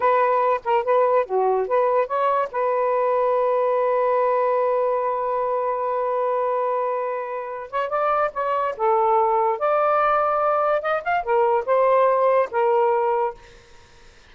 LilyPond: \new Staff \with { instrumentName = "saxophone" } { \time 4/4 \tempo 4 = 144 b'4. ais'8 b'4 fis'4 | b'4 cis''4 b'2~ | b'1~ | b'1~ |
b'2~ b'8 cis''8 d''4 | cis''4 a'2 d''4~ | d''2 dis''8 f''8 ais'4 | c''2 ais'2 | }